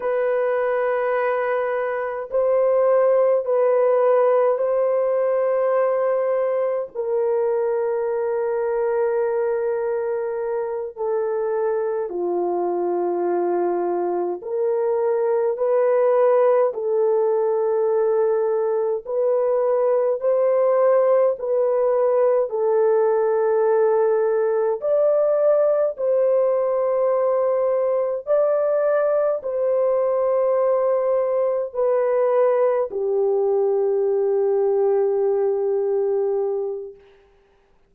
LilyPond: \new Staff \with { instrumentName = "horn" } { \time 4/4 \tempo 4 = 52 b'2 c''4 b'4 | c''2 ais'2~ | ais'4. a'4 f'4.~ | f'8 ais'4 b'4 a'4.~ |
a'8 b'4 c''4 b'4 a'8~ | a'4. d''4 c''4.~ | c''8 d''4 c''2 b'8~ | b'8 g'2.~ g'8 | }